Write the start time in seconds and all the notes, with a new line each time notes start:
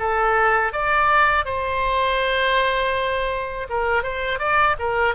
0.00 A4
0.73 D5
1.45 C5
3.70 A#4
4.03 C5
4.39 D5
4.79 A#4